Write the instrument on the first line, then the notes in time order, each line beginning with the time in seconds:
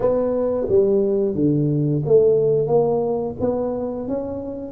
tuba
0.00 B3
0.68 G3
1.35 D3
2.05 A3
2.67 A#3
3.40 B3
4.08 C#4